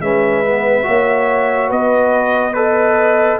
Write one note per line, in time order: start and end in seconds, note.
0.00 0.85 G#3
0.00 0.44 C#4
0.00 0.87 B4
0.00 1.70 E5
0.44 0.82 B3
0.82 1.70 A#3
0.82 2.51 F#4
0.82 1.68 C#5
1.68 3.39 B3
1.68 2.53 B4
1.68 2.53 D#5
2.53 3.39 A4
2.53 3.37 B4
2.53 3.39 D#5